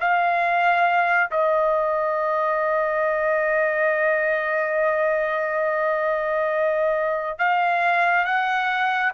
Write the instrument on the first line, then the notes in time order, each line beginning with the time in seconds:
trumpet
0.00 F5
1.30 D#5
7.38 F5
8.25 F#5